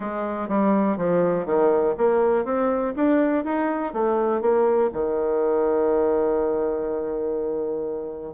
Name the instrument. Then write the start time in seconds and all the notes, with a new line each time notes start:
bassoon
0.00 G#3
0.48 G3
0.97 F3
1.45 D#3
1.97 A#3
2.45 C4
2.96 D4
3.44 D#4
3.93 A3
4.41 A#3
4.92 D#3